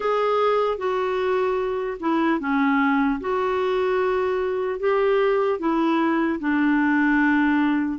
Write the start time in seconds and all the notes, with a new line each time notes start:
0.00 G#4
0.77 F#4
2.00 E4
2.40 C#4
3.20 F#4
4.79 G4
5.59 E4
6.39 D4